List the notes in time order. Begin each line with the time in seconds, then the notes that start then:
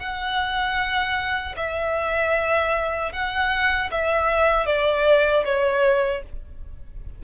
0.00 F#5
1.57 E5
3.13 F#5
3.92 E5
4.66 D5
5.45 C#5